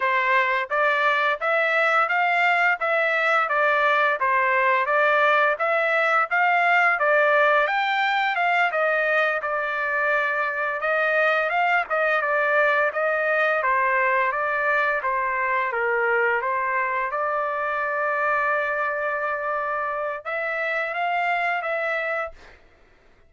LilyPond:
\new Staff \with { instrumentName = "trumpet" } { \time 4/4 \tempo 4 = 86 c''4 d''4 e''4 f''4 | e''4 d''4 c''4 d''4 | e''4 f''4 d''4 g''4 | f''8 dis''4 d''2 dis''8~ |
dis''8 f''8 dis''8 d''4 dis''4 c''8~ | c''8 d''4 c''4 ais'4 c''8~ | c''8 d''2.~ d''8~ | d''4 e''4 f''4 e''4 | }